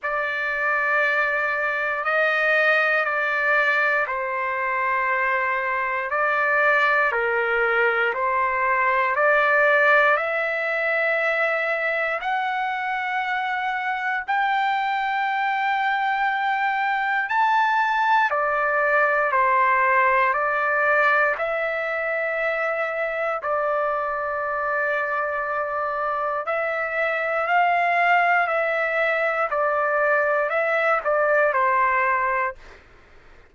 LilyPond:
\new Staff \with { instrumentName = "trumpet" } { \time 4/4 \tempo 4 = 59 d''2 dis''4 d''4 | c''2 d''4 ais'4 | c''4 d''4 e''2 | fis''2 g''2~ |
g''4 a''4 d''4 c''4 | d''4 e''2 d''4~ | d''2 e''4 f''4 | e''4 d''4 e''8 d''8 c''4 | }